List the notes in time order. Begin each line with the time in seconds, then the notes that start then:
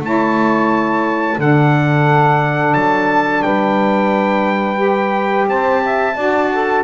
0.00 A3 E4 C#5 A5
1.38 D3 D4 A4 F#5
2.74 F#3 A5
3.42 G3 B4 G5
4.75 G4
5.47 C4 C5 A5
5.85 E5
6.15 D4 F#4 D5
6.52 A4